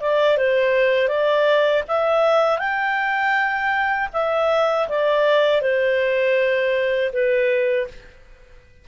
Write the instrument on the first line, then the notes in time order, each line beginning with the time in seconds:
clarinet
0.00 D5
0.37 C5
1.08 D5
1.88 E5
2.58 G5
4.13 E5
4.89 D5
5.61 C5
7.12 B4